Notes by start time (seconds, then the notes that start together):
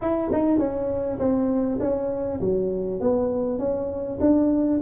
0.01 E4
0.32 D#4
0.58 C#4
1.18 C4
1.80 C#4
2.40 F#3
3.00 B3
3.58 C#4
4.20 D4